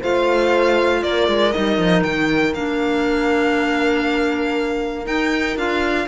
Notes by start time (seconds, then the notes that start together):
0.00 A3 F4 C5 F5
1.02 A#3 A#4 D5
1.27 G#3
1.52 G3 D#4 D#5
1.78 F3
2.03 D#3 G5
2.54 A#3 D4 F5
5.04 D#4 G5
5.56 D4 F4 F5